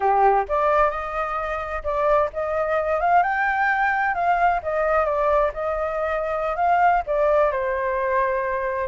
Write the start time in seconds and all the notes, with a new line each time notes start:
0.00 G4
0.48 D5
0.90 D#5
1.83 D5
2.33 D#5
3.00 F5
3.22 G5
4.14 F5
4.62 D#5
5.05 D5
5.53 D#5
6.56 F5
7.06 D5
7.51 C5